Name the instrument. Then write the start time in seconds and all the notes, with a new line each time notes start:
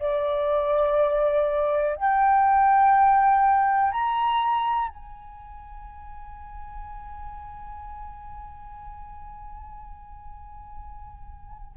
flute
0.00 D5
1.96 G5
3.92 A#5
4.89 G#5